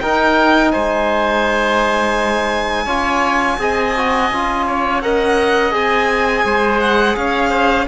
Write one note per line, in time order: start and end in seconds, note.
0.00 2.87 D#4
0.00 0.74 D#4
0.00 0.72 A#4
0.00 0.71 G5
0.72 2.86 G#3
0.72 2.85 C5
0.72 5.00 G#5
2.85 3.57 C#4
2.85 3.59 F4
2.85 3.56 C#5
3.58 4.30 C4
3.58 3.94 G#4
3.58 4.67 D#5
3.96 4.32 F#4
4.30 5.73 C#4
4.30 5.02 F4
4.67 5.02 C#5
5.02 5.71 A#4
5.02 6.45 D#5
5.02 5.74 F#5
5.71 6.44 C4
5.71 7.85 G#4
5.71 6.80 G#5
6.44 7.16 G#3
6.44 7.17 C5
6.80 7.16 F#5
7.16 7.87 C#4
7.16 7.50 C#5
7.16 7.87 F5
7.50 7.85 C5